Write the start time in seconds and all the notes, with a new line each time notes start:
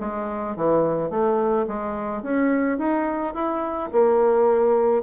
0.00 G#3
0.56 E3
1.10 A3
1.67 G#3
2.23 C#4
2.78 D#4
3.34 E4
3.92 A#3